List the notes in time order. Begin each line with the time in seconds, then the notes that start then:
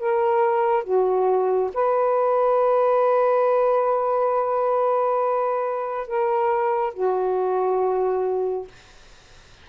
0.00 A#4
0.84 F#4
1.74 B4
6.08 A#4
6.94 F#4